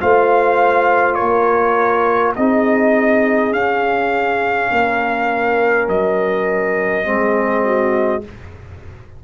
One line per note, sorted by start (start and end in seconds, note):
0.00 1.20 A3
0.00 2.36 F4
0.00 1.17 C5
0.00 1.15 F5
1.15 2.37 A#3
1.15 2.35 A#4
1.15 2.32 C#5
2.36 3.52 C4
2.36 3.53 D#4
2.36 4.72 G#4
2.36 3.53 D#5
3.52 4.70 C#4
3.52 7.04 C#4
3.52 5.88 F5
4.71 5.88 A#3
4.71 7.07 A#4
5.88 7.06 F#3
5.88 8.24 D#5
7.04 8.23 G#3
7.04 8.21 C4
7.04 7.65 G#4
7.65 8.24 F#4